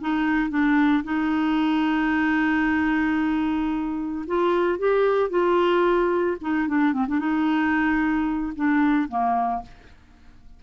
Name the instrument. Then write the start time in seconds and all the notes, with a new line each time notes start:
clarinet
0.00 D#4
0.49 D4
1.04 D#4
4.27 F4
4.78 G4
5.30 F4
6.40 D#4
6.67 D4
6.93 C4
7.07 D4
7.19 D#4
8.55 D4
9.09 A#3